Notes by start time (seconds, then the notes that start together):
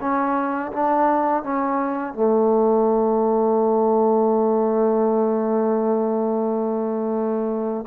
0.00 C#4
0.72 D4
1.43 C#4
2.14 A3